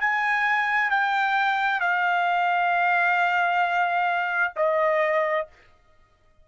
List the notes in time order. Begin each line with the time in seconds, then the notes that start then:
0.00 G#5
0.90 G5
1.80 F5
4.55 D#5